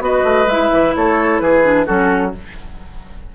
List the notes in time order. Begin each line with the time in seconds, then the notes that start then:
0.00 B3 F#4 B4 D#5
0.24 A3
0.47 G#3 E4 E5
0.73 E3
0.96 A3 A4 C#5
1.40 E3 G#4 B4
1.64 D4
1.87 F#3 C#4 F#4 A4